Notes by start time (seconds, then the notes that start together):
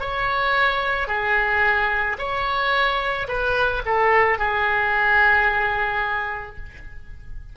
0.00 C#5
1.08 G#4
2.19 C#5
3.28 B4
3.86 A4
4.38 G#4